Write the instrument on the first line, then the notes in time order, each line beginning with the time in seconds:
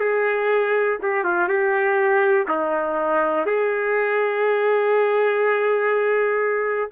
trumpet
0.00 G#4
1.02 G4
1.24 F4
1.48 G4
2.48 D#4
3.46 G#4